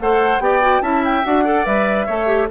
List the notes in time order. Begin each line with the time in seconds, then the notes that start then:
0.00 A3 A4 C5 F#5
0.39 B3 G4 D5 G5
0.62 F#4
0.81 C#4 E4 E5 A5
1.05 G5
1.24 D4 F#4 F#5
1.44 A4 D5
1.65 G3 B4 E5
2.06 A3 A4 C#5
2.27 G4